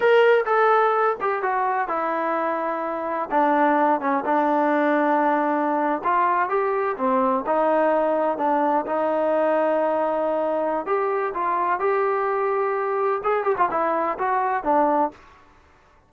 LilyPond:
\new Staff \with { instrumentName = "trombone" } { \time 4/4 \tempo 4 = 127 ais'4 a'4. g'8 fis'4 | e'2. d'4~ | d'8 cis'8 d'2.~ | d'8. f'4 g'4 c'4 dis'16~ |
dis'4.~ dis'16 d'4 dis'4~ dis'16~ | dis'2. g'4 | f'4 g'2. | gis'8 g'16 f'16 e'4 fis'4 d'4 | }